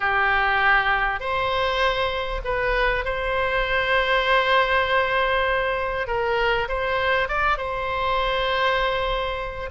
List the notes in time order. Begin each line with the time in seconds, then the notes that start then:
0.00 G4
1.20 C5
2.44 B4
3.04 C5
6.07 A#4
6.68 C5
7.28 D5
7.57 C5